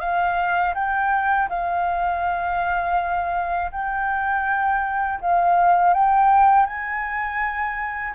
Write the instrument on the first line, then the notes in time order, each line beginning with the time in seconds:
flute
0.00 F5
0.75 G5
1.49 F5
3.72 G5
5.21 F5
5.94 G5
6.66 G#5